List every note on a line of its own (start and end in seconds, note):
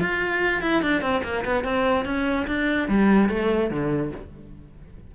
0.00 0.62 F4
0.62 0.82 E4
0.82 1.02 D4
1.02 1.22 C4
1.24 1.45 A#3
1.45 1.64 B3
1.64 2.05 C4
2.05 2.47 C#4
2.48 2.89 D4
2.89 3.29 G3
3.29 3.70 A3
3.70 4.12 D3